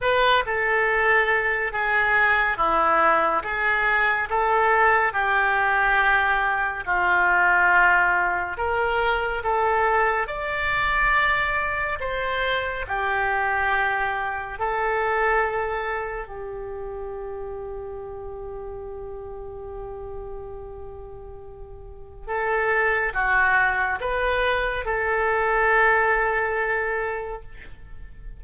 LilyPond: \new Staff \with { instrumentName = "oboe" } { \time 4/4 \tempo 4 = 70 b'8 a'4. gis'4 e'4 | gis'4 a'4 g'2 | f'2 ais'4 a'4 | d''2 c''4 g'4~ |
g'4 a'2 g'4~ | g'1~ | g'2 a'4 fis'4 | b'4 a'2. | }